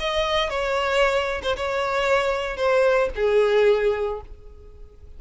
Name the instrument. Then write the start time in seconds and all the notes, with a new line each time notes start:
violin
0.00 D#5
0.50 C#5
1.43 C5
1.57 C#5
2.57 C5
3.16 G#4